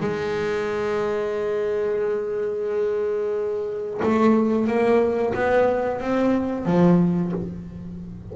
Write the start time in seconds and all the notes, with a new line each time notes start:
0.00 G#3
4.02 A3
4.67 A#3
5.34 B3
6.00 C4
6.65 F3